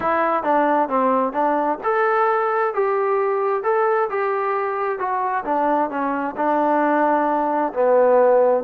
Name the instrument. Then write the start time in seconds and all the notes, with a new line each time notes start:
trombone
0.00 E4
0.43 D4
0.88 C4
1.33 D4
1.83 A4
2.74 G4
3.63 A4
4.09 G4
4.98 F#4
5.44 D4
5.89 C#4
6.36 D4
7.73 B3